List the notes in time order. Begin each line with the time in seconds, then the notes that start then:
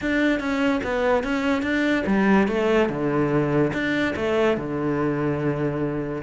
0.01 D4
0.39 C#4
0.83 B3
1.23 C#4
1.62 D4
2.06 G3
2.47 A3
2.89 D3
3.73 D4
4.16 A3
4.57 D3